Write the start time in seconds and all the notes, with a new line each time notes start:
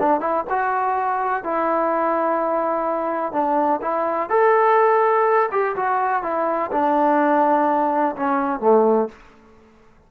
0.00 D4
0.21 E4
0.50 F#4
1.44 E4
3.33 D4
3.82 E4
4.30 A4
5.52 G4
5.76 F#4
6.23 E4
6.72 D4
8.16 C#4
8.61 A3